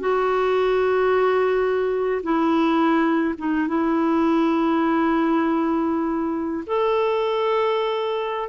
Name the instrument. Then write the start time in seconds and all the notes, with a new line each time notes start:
clarinet
0.00 F#4
2.23 E4
3.38 D#4
3.68 E4
6.67 A4